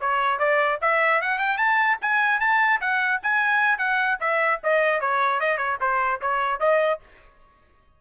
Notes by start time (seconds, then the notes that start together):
0.00 C#5
0.39 D5
0.81 E5
1.21 F#5
1.39 G5
1.57 A5
2.01 G#5
2.40 A5
2.81 F#5
3.23 G#5
3.78 F#5
4.20 E5
4.63 D#5
5.00 C#5
5.40 D#5
5.57 C#5
5.81 C5
6.21 C#5
6.60 D#5